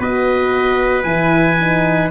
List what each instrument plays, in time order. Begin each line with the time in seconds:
0.00 tuba B3, horn F#4, trumpet B4, oboe D#5
1.04 tuba E3, horn E4, oboe G#5
1.60 horn D#4